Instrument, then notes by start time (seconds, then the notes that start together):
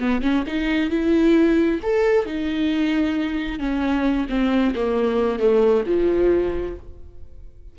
viola
0.00 B3
0.21 C#4
0.47 D#4
0.90 E4
1.83 A4
2.26 D#4
3.59 C#4
4.29 C4
4.75 A#3
5.39 A3
5.86 F3